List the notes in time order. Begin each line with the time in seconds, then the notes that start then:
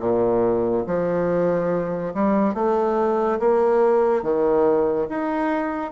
0.00 A#2
0.87 F3
2.15 G3
2.55 A3
3.40 A#3
4.23 D#3
5.10 D#4